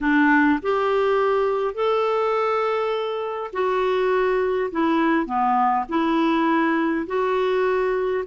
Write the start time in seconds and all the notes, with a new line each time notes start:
0.00 D4
0.62 G4
1.74 A4
3.52 F#4
4.71 E4
5.25 B3
5.88 E4
7.06 F#4